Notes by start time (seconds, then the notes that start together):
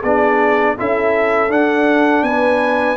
0.00 B3 D4 G#4 D5
0.77 C#4 E4 A4 E5
1.48 D4 F#5
2.22 B3 B4 G#5